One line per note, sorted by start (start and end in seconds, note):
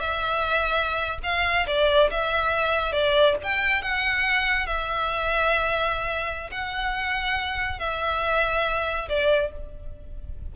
0.00 1.19 E5
1.23 1.66 F5
1.67 2.10 D5
2.10 2.92 E5
2.92 3.36 D5
3.43 3.82 G5
3.82 4.66 F#5
4.66 6.50 E5
6.51 7.79 F#5
7.79 9.08 E5
9.09 9.52 D5